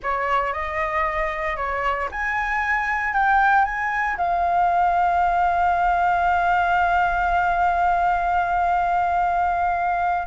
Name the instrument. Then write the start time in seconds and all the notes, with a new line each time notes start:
flute
0.03 C#5
0.53 D#5
1.56 C#5
2.11 G#5
3.13 G5
3.64 G#5
4.17 F5